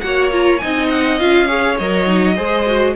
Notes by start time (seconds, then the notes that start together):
0.00 A#3 F#4 C#5 F#5
0.31 F4 A#5
0.58 C4 D#4 D#5 G#5
0.89 F#5
1.18 C#4 F4 F5
1.47 G#4 C#5
1.78 F#3 A#4 D#5
2.06 D#4
2.35 G#3 G#4 C5
2.66 F#4